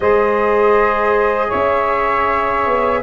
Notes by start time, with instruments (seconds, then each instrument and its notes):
0.00 tuba G#3, trombone G#4, saxophone C5, flute D#5
1.48 tuba C#4, saxophone C#5, flute E5
2.66 tuba B3